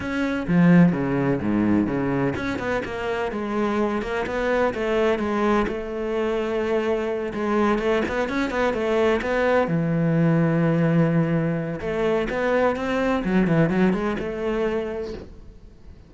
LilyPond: \new Staff \with { instrumentName = "cello" } { \time 4/4 \tempo 4 = 127 cis'4 f4 cis4 gis,4 | cis4 cis'8 b8 ais4 gis4~ | gis8 ais8 b4 a4 gis4 | a2.~ a8 gis8~ |
gis8 a8 b8 cis'8 b8 a4 b8~ | b8 e2.~ e8~ | e4 a4 b4 c'4 | fis8 e8 fis8 gis8 a2 | }